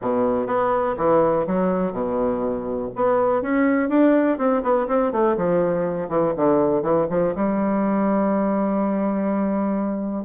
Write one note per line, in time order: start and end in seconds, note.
0.01 0.46 B2
0.46 0.95 B3
0.97 1.46 E3
1.47 1.92 F#3
1.92 2.90 B2
2.95 3.41 B3
3.41 3.89 C#4
3.89 4.38 D4
4.38 4.62 C4
4.62 4.87 B3
4.87 5.12 C4
5.12 5.36 A3
5.36 6.08 F3
6.08 6.33 E3
6.36 6.82 D3
6.82 7.06 E3
7.10 7.34 F3
7.35 10.24 G3